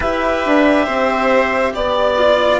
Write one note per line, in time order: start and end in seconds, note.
0.00 0.44 E4
0.00 2.17 G4
0.00 0.85 B4
0.00 1.74 E5
0.45 0.87 D4
0.85 1.74 C4
0.85 1.72 C5
1.74 2.59 B3
1.74 2.59 D5
2.17 2.59 F4